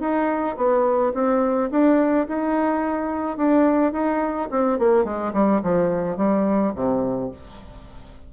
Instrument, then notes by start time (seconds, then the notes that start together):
bassoon
0.00 D#4
0.57 B3
1.14 C4
1.71 D4
2.28 D#4
3.37 D4
3.92 D#4
4.51 C4
4.79 A#3
5.04 G#3
5.33 G3
5.63 F3
6.17 G3
6.75 C3